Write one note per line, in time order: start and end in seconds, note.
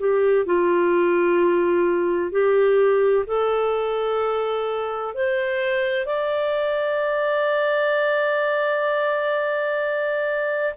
0.00 0.46 G4
0.46 2.32 F4
2.32 3.26 G4
3.27 5.14 A4
5.15 6.06 C5
6.06 10.75 D5